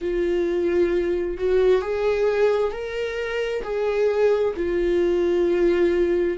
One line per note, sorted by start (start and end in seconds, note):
0.01 1.37 F4
1.37 1.81 F#4
1.81 2.71 G#4
2.71 3.62 A#4
3.63 4.54 G#4
4.56 6.37 F4